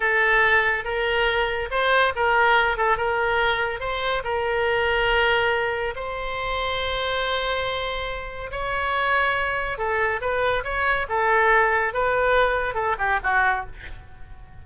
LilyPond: \new Staff \with { instrumentName = "oboe" } { \time 4/4 \tempo 4 = 141 a'2 ais'2 | c''4 ais'4. a'8 ais'4~ | ais'4 c''4 ais'2~ | ais'2 c''2~ |
c''1 | cis''2. a'4 | b'4 cis''4 a'2 | b'2 a'8 g'8 fis'4 | }